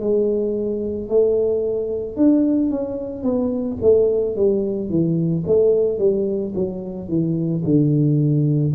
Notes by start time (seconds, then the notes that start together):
0.00 G#3
1.09 A3
2.17 D4
2.71 C#4
3.23 B3
3.82 A3
4.36 G3
4.90 E3
5.47 A3
5.99 G3
6.55 F#3
7.09 E3
7.65 D3